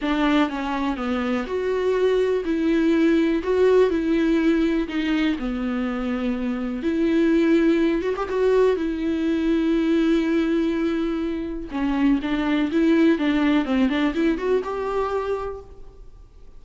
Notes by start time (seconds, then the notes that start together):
0.01 D4
0.49 C#4
0.96 B3
1.46 F#4
2.44 E4
3.43 F#4
3.90 E4
4.88 D#4
5.39 B3
6.82 E4
8.02 F#4
8.16 G4
8.29 F#4
8.76 E4
11.71 C#4
12.22 D4
12.71 E4
13.18 D4
13.65 C4
13.89 D4
14.14 E4
14.38 F#4
14.63 G4